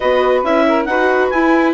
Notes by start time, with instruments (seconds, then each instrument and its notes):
0.00 bassoon B3, viola F#4, saxophone B4, clarinet D#5
0.43 bassoon C#4, viola E4, clarinet E5
0.68 saxophone A#4
0.84 bassoon D#4, viola F#4, saxophone B4, clarinet F#5
1.29 bassoon E4, viola E4, clarinet G#5